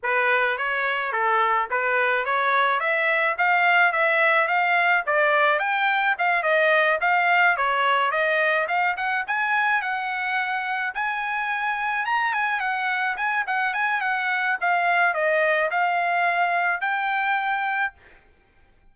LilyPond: \new Staff \with { instrumentName = "trumpet" } { \time 4/4 \tempo 4 = 107 b'4 cis''4 a'4 b'4 | cis''4 e''4 f''4 e''4 | f''4 d''4 g''4 f''8 dis''8~ | dis''8 f''4 cis''4 dis''4 f''8 |
fis''8 gis''4 fis''2 gis''8~ | gis''4. ais''8 gis''8 fis''4 gis''8 | fis''8 gis''8 fis''4 f''4 dis''4 | f''2 g''2 | }